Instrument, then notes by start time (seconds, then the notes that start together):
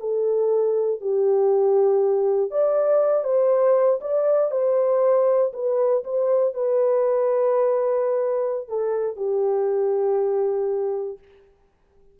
horn
0.00 A4
1.01 G4
2.51 D5
3.24 C5
4.01 D5
4.51 C5
5.53 B4
6.04 C5
6.54 B4
8.68 A4
9.16 G4